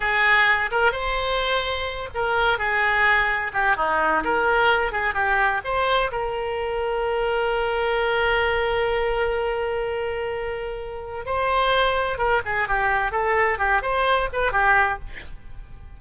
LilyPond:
\new Staff \with { instrumentName = "oboe" } { \time 4/4 \tempo 4 = 128 gis'4. ais'8 c''2~ | c''8 ais'4 gis'2 g'8 | dis'4 ais'4. gis'8 g'4 | c''4 ais'2.~ |
ais'1~ | ais'1 | c''2 ais'8 gis'8 g'4 | a'4 g'8 c''4 b'8 g'4 | }